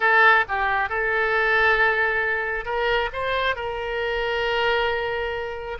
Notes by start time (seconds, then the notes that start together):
0.00 A4
0.48 G4
0.89 A4
2.65 A#4
3.12 C5
3.55 A#4